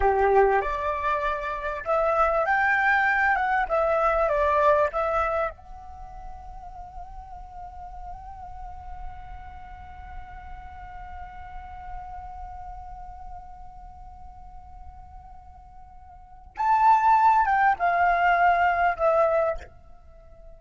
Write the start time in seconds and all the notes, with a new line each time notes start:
0.00 G4
0.61 D5
1.85 E5
2.45 G5
3.35 F#5
3.68 E5
4.28 D5
4.92 E5
5.50 F#5
16.57 A5
17.45 G5
17.79 F5
18.96 E5